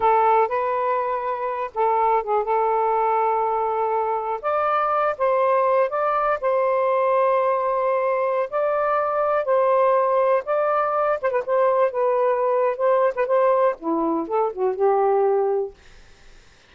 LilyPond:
\new Staff \with { instrumentName = "saxophone" } { \time 4/4 \tempo 4 = 122 a'4 b'2~ b'8 a'8~ | a'8 gis'8 a'2.~ | a'4 d''4. c''4. | d''4 c''2.~ |
c''4~ c''16 d''2 c''8.~ | c''4~ c''16 d''4. c''16 b'16 c''8.~ | c''16 b'4.~ b'16 c''8. b'16 c''4 | e'4 a'8 fis'8 g'2 | }